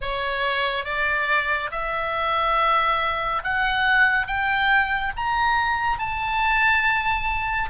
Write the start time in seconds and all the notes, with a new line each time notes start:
0.01 C#5
0.85 D5
1.71 E5
3.43 F#5
4.26 G5
5.16 A#5
5.98 A5